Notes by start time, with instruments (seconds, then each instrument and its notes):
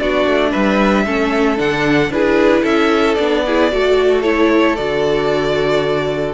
0.00 cello B3, viola D4, violin F#4 D5
0.27 cello A3
0.52 cello G3, violin B4 E5
1.06 cello A3, viola C#4, violin A4
1.57 cello D3, viola D4, violin F#5
2.10 cello D4, viola E4, violin G#4 B4
2.63 cello C#4, violin A4 E5
3.15 cello B3, viola D4, violin D5
3.46 viola E4, violin G#4
3.71 cello A3, viola F#4, violin A4
4.23 viola E4, violin C#5
4.76 cello D3, viola F#4, violin D5